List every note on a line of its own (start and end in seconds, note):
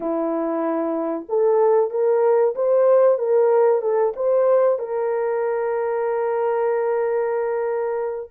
0.00 1.26 E4
1.29 1.90 A4
1.90 2.54 A#4
2.55 3.18 C5
3.18 3.82 A#4
3.82 4.13 A4
4.15 4.78 C5
4.78 8.29 A#4